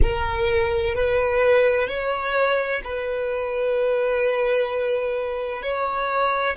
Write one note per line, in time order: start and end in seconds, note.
0.02 0.95 A#4
0.95 1.87 B4
1.87 2.81 C#5
2.84 5.62 B4
5.62 6.56 C#5